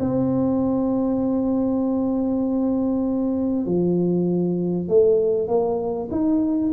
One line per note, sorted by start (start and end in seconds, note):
0.00 3.66 C4
3.66 4.89 F3
4.89 5.48 A3
5.48 6.09 A#3
6.11 6.73 D#4